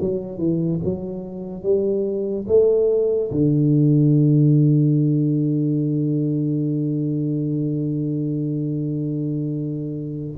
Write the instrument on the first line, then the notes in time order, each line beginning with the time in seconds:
tuba
0.00 F#3
0.38 E3
0.84 F#3
1.63 G3
2.48 A3
3.31 D3